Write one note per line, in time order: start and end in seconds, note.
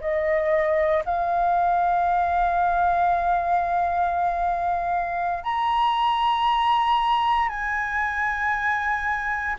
0.00 1.03 D#5
1.05 5.44 F5
5.44 7.49 A#5
7.49 9.55 G#5